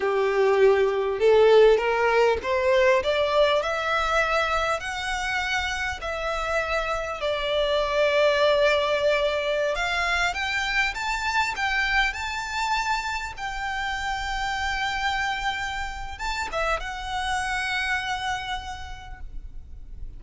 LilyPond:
\new Staff \with { instrumentName = "violin" } { \time 4/4 \tempo 4 = 100 g'2 a'4 ais'4 | c''4 d''4 e''2 | fis''2 e''2 | d''1~ |
d''16 f''4 g''4 a''4 g''8.~ | g''16 a''2 g''4.~ g''16~ | g''2. a''8 e''8 | fis''1 | }